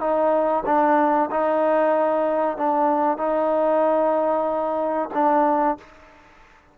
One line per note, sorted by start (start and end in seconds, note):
0.00 0.64 D#4
0.66 1.30 D4
1.31 2.57 D#4
2.57 3.18 D4
3.18 5.09 D#4
5.14 5.78 D4